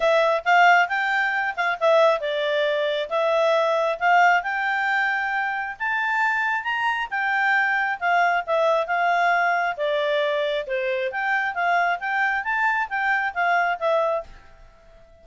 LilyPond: \new Staff \with { instrumentName = "clarinet" } { \time 4/4 \tempo 4 = 135 e''4 f''4 g''4. f''8 | e''4 d''2 e''4~ | e''4 f''4 g''2~ | g''4 a''2 ais''4 |
g''2 f''4 e''4 | f''2 d''2 | c''4 g''4 f''4 g''4 | a''4 g''4 f''4 e''4 | }